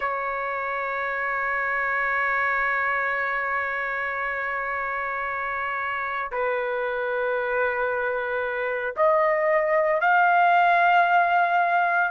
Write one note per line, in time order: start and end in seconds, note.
0.00 6.31 C#5
6.31 8.94 B4
8.96 10.00 D#5
10.00 12.11 F5